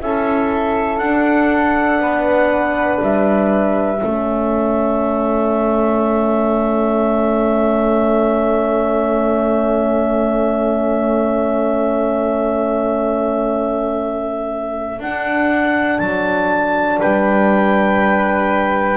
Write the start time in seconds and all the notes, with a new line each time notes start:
0.00 C#4 E4 A4 E5
0.98 D4 F#5
1.99 B3 B4
3.02 G3 E5
4.01 A3 C#4 A4
14.99 D4 F#5
15.99 F#3 A5
17.00 G3 B4 G5